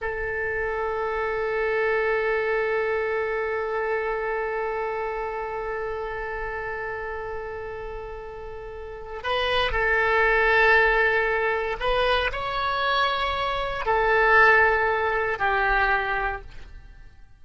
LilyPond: \new Staff \with { instrumentName = "oboe" } { \time 4/4 \tempo 4 = 117 a'1~ | a'1~ | a'1~ | a'1~ |
a'2 b'4 a'4~ | a'2. b'4 | cis''2. a'4~ | a'2 g'2 | }